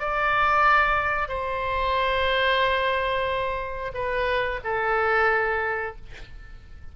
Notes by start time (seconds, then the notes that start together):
0.00 D5
1.29 C5
3.94 B4
4.64 A4